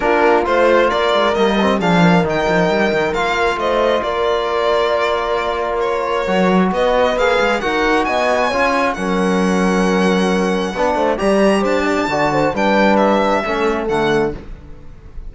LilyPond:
<<
  \new Staff \with { instrumentName = "violin" } { \time 4/4 \tempo 4 = 134 ais'4 c''4 d''4 dis''4 | f''4 g''2 f''4 | dis''4 d''2.~ | d''4 cis''2 dis''4 |
f''4 fis''4 gis''2 | fis''1~ | fis''4 ais''4 a''2 | g''4 e''2 fis''4 | }
  \new Staff \with { instrumentName = "horn" } { \time 4/4 f'2 ais'2 | gis'8 ais'2.~ ais'8 | c''4 ais'2.~ | ais'2. b'4~ |
b'4 ais'4 dis''4 cis''4 | ais'1 | b'8 c''8 d''4 c''8 d''16 d'16 d''8 c''8 | b'2 a'2 | }
  \new Staff \with { instrumentName = "trombone" } { \time 4/4 d'4 f'2 ais8 c'8 | d'4 dis'2 f'4~ | f'1~ | f'2 fis'2 |
gis'4 fis'2 f'4 | cis'1 | d'4 g'2 fis'4 | d'2 cis'4 a4 | }
  \new Staff \with { instrumentName = "cello" } { \time 4/4 ais4 a4 ais8 gis8 g4 | f4 dis8 f8 g8 dis8 ais4 | a4 ais2.~ | ais2 fis4 b4 |
ais8 gis8 dis'4 b4 cis'4 | fis1 | b8 a8 g4 d'4 d4 | g2 a4 d4 | }
>>